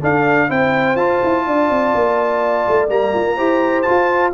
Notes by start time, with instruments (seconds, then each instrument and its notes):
0.00 trombone D4, tuba D4, horn A4, trumpet F5
0.49 tuba C4, trombone E4, horn C5, trumpet G5
0.96 tuba F4, trombone F4, trumpet A5
1.24 tuba E4
1.47 tuba D4, horn D5
1.70 tuba C4
1.95 tuba A#3
2.68 tuba A3
2.89 tuba G3, trombone A#3, trumpet A#5
3.15 tuba F4
3.35 tuba E4, trombone G4, horn C5
3.82 trombone F4, trumpet A5
3.90 tuba F4